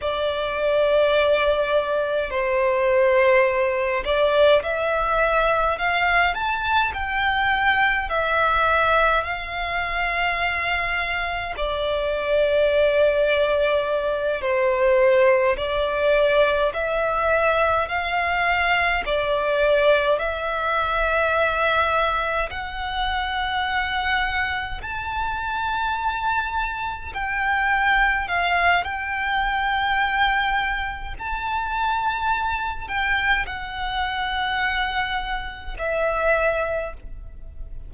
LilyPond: \new Staff \with { instrumentName = "violin" } { \time 4/4 \tempo 4 = 52 d''2 c''4. d''8 | e''4 f''8 a''8 g''4 e''4 | f''2 d''2~ | d''8 c''4 d''4 e''4 f''8~ |
f''8 d''4 e''2 fis''8~ | fis''4. a''2 g''8~ | g''8 f''8 g''2 a''4~ | a''8 g''8 fis''2 e''4 | }